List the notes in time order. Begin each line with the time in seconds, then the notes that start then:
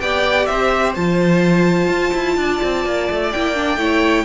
0.00 B3 G4 D5 G5
0.46 C4 C5 E5
0.95 F3 F4 A5
1.88 F4
2.14 E4
2.37 D4 D5
2.63 C4
2.85 A#3
3.10 A3
3.31 A#3 E4 G5
3.54 D4
3.77 A3 E4 C#5